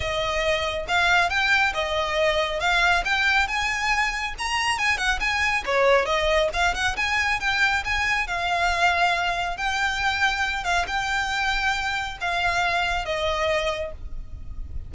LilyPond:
\new Staff \with { instrumentName = "violin" } { \time 4/4 \tempo 4 = 138 dis''2 f''4 g''4 | dis''2 f''4 g''4 | gis''2 ais''4 gis''8 fis''8 | gis''4 cis''4 dis''4 f''8 fis''8 |
gis''4 g''4 gis''4 f''4~ | f''2 g''2~ | g''8 f''8 g''2. | f''2 dis''2 | }